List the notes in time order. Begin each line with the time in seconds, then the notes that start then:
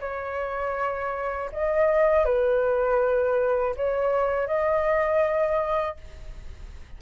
0.00 C#5
1.52 D#5
2.25 B4
3.76 C#5
4.47 D#5